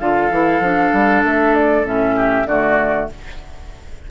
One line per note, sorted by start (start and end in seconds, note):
0.00 0.31 D3
0.00 0.31 F4
0.00 2.16 A4
0.00 1.24 F5
0.31 0.60 E3
0.31 0.62 E4
0.60 0.91 F3
0.60 1.85 D4
0.93 1.24 G3
1.25 1.85 A3
1.25 1.55 E5
1.55 1.86 D5
1.85 2.46 A2
1.85 2.47 C#4
1.85 2.48 E5
2.16 2.47 G4
2.46 3.08 D3
2.46 3.11 A3
2.46 3.10 F#4
2.46 3.09 D5